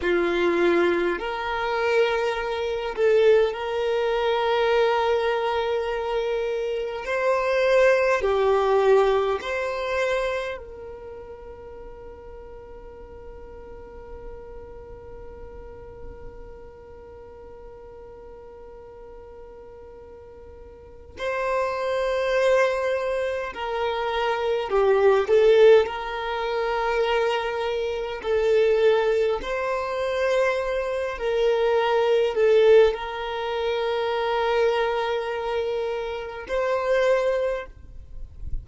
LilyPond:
\new Staff \with { instrumentName = "violin" } { \time 4/4 \tempo 4 = 51 f'4 ais'4. a'8 ais'4~ | ais'2 c''4 g'4 | c''4 ais'2.~ | ais'1~ |
ais'2 c''2 | ais'4 g'8 a'8 ais'2 | a'4 c''4. ais'4 a'8 | ais'2. c''4 | }